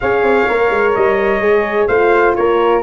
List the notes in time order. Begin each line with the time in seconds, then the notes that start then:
0.00 C#4 G#4 C#5 F5
0.22 C4
0.48 A#3 A#4
0.70 G#3
0.94 G3 D#5
1.40 G#3 G#4
1.87 A3 F4 C5 F5
2.35 A#3 A#4 C#5